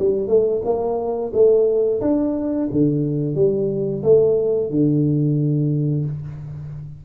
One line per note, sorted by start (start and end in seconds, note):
0.00 0.28 G3
0.28 0.62 A3
0.65 1.32 A#3
1.34 2.01 A3
2.01 2.69 D4
2.72 3.36 D3
3.36 4.03 G3
4.04 4.71 A3
4.71 6.06 D3